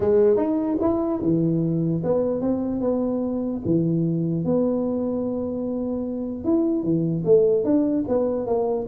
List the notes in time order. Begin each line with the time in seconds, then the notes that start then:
0.00 G#3
0.37 D#4
0.81 E4
1.21 E3
2.03 B3
2.41 C4
2.80 B3
3.65 E3
4.44 B3
6.44 E4
6.83 E3
7.25 A3
7.64 D4
8.08 B3
8.46 A#3